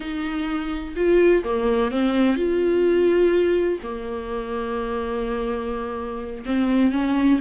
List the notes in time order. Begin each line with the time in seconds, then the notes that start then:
0.00 D#4
0.95 F4
1.44 A#3
1.91 C4
2.36 F4
3.82 A#3
6.45 C4
6.92 C#4